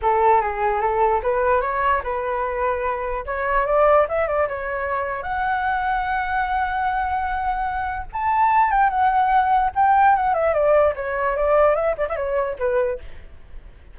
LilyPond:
\new Staff \with { instrumentName = "flute" } { \time 4/4 \tempo 4 = 148 a'4 gis'4 a'4 b'4 | cis''4 b'2. | cis''4 d''4 e''8 d''8 cis''4~ | cis''4 fis''2.~ |
fis''1 | a''4. g''8 fis''2 | g''4 fis''8 e''8 d''4 cis''4 | d''4 e''8 d''16 e''16 cis''4 b'4 | }